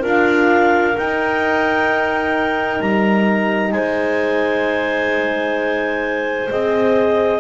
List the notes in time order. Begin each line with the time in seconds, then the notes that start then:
0.00 D4 F4 A#4
0.08 F5
0.97 D#4 G5
2.80 G3 A#5
3.72 G#3 C5 G#5
6.50 C4 G#4 D#5